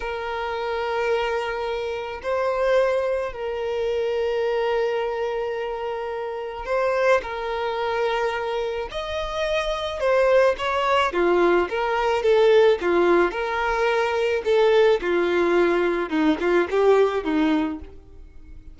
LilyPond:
\new Staff \with { instrumentName = "violin" } { \time 4/4 \tempo 4 = 108 ais'1 | c''2 ais'2~ | ais'1 | c''4 ais'2. |
dis''2 c''4 cis''4 | f'4 ais'4 a'4 f'4 | ais'2 a'4 f'4~ | f'4 dis'8 f'8 g'4 dis'4 | }